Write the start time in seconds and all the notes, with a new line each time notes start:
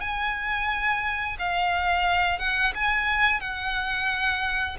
0.00 G#5
1.39 F5
2.39 F#5
2.74 G#5
3.40 F#5